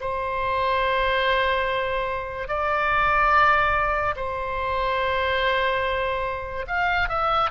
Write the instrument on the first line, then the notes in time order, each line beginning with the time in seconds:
oboe
0.00 C5
2.48 D5
4.16 C5
6.67 F5
7.08 E5